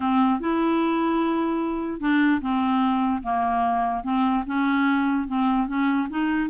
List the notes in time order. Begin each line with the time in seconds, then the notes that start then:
0.00 C4
0.40 E4
2.00 D4
2.41 C4
3.22 A#3
4.03 C4
4.46 C#4
5.27 C4
5.67 C#4
6.09 D#4